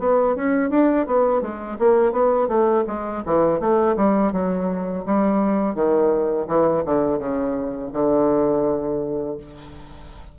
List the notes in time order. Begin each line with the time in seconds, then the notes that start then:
0.00 B3
0.36 C#4
0.71 D4
1.07 B3
1.42 G#3
1.79 A#3
2.13 B3
2.48 A3
2.88 G#3
3.26 E3
3.60 A3
3.97 G3
4.33 F#3
5.06 G3
5.75 D#3
6.48 E3
6.86 D3
7.19 C#3
7.94 D3